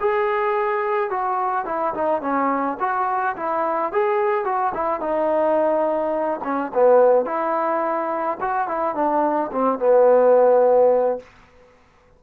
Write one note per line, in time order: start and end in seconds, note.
0.00 1.10 G#4
1.10 1.65 F#4
1.65 1.93 E4
1.94 2.21 D#4
2.21 2.77 C#4
2.79 3.35 F#4
3.36 3.92 E4
3.92 4.44 G#4
4.44 4.72 F#4
4.74 5.00 E4
5.00 6.40 D#4
6.44 6.72 C#4
6.73 7.25 B3
7.25 8.37 E4
8.40 8.68 F#4
8.68 8.95 E4
8.95 9.51 D4
9.52 9.79 C4
9.79 11.19 B3